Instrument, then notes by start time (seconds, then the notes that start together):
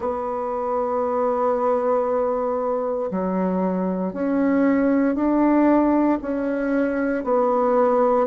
bassoon
0.00 B3
3.10 F#3
4.13 C#4
5.15 D4
6.21 C#4
7.24 B3